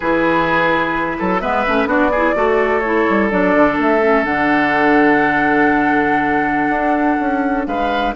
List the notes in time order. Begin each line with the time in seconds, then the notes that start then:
0.00 E3 E4 G#4 B4
1.18 F#3 A4
1.40 G#3 B3 B4 E5
1.66 A3 C#4
1.85 B3 D4 F#4 D5
2.11 E4 G#4
2.34 A3 F#4 A4
2.79 E4 C#5
3.09 G3
3.30 F#3 D4 D5
3.55 D3
3.78 A3 E5
4.00 C#4
4.24 D3 D4 F#5
6.69 D4
7.20 C#4
7.66 G#3 B4 F5